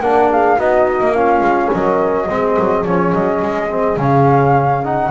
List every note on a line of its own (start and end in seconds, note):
0.00 0.57 A#3
0.00 0.58 D4
0.00 0.30 A#4
0.00 0.29 F#5
0.30 0.57 G#4
0.30 0.60 F5
0.57 1.00 B3
0.57 1.14 D#4
0.57 1.14 F#4
0.57 1.13 D#5
1.00 1.40 A#3
1.13 2.27 C#4
1.13 1.70 F4
1.13 1.70 F5
1.40 1.68 G#3
1.71 2.29 F#3
1.71 2.27 A#4
1.71 2.84 D#5
2.29 2.57 G#3
2.29 2.85 C4
2.29 5.10 G#4
2.59 2.85 F#3
2.84 3.13 F3
2.84 3.69 C#4
2.84 3.12 C#5
3.13 3.42 F#3
3.13 3.98 D#5
3.42 3.96 G#3
3.69 3.97 C4
3.96 5.10 C#3
3.96 4.83 C#4
3.96 4.84 F5
4.83 5.10 D#4
4.83 5.10 F#5